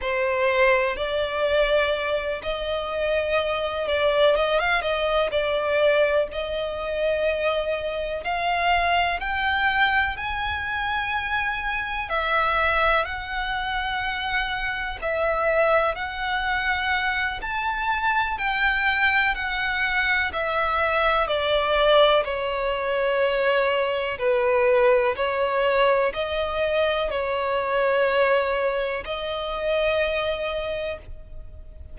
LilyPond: \new Staff \with { instrumentName = "violin" } { \time 4/4 \tempo 4 = 62 c''4 d''4. dis''4. | d''8 dis''16 f''16 dis''8 d''4 dis''4.~ | dis''8 f''4 g''4 gis''4.~ | gis''8 e''4 fis''2 e''8~ |
e''8 fis''4. a''4 g''4 | fis''4 e''4 d''4 cis''4~ | cis''4 b'4 cis''4 dis''4 | cis''2 dis''2 | }